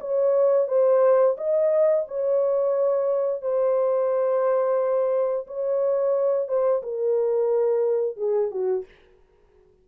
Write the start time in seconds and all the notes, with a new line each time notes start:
0.00 C#5
0.68 C5
1.37 D#5
2.07 C#5
3.42 C5
5.47 C#5
6.48 C5
6.82 A#4
8.17 G#4
8.51 F#4